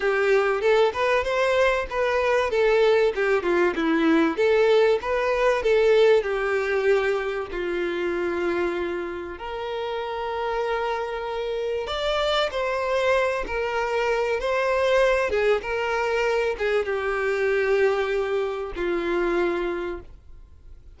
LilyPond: \new Staff \with { instrumentName = "violin" } { \time 4/4 \tempo 4 = 96 g'4 a'8 b'8 c''4 b'4 | a'4 g'8 f'8 e'4 a'4 | b'4 a'4 g'2 | f'2. ais'4~ |
ais'2. d''4 | c''4. ais'4. c''4~ | c''8 gis'8 ais'4. gis'8 g'4~ | g'2 f'2 | }